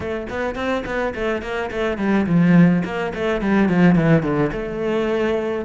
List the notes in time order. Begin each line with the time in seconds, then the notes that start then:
0.00 A3
0.29 B3
0.55 C4
0.85 B3
1.14 A3
1.42 A#3
1.71 A3
1.97 G3
2.26 F3
2.84 A#3
3.14 A3
3.41 G3
3.68 F3
3.95 E3
4.22 D3
4.52 A3